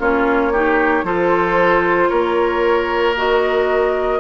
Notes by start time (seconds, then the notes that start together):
0.00 A#3 C#4 F4 C#5
0.53 D#4 G4
1.04 F3 F4 A4 C5
2.09 A#3 A#4 C#5
3.17 F#4 D#5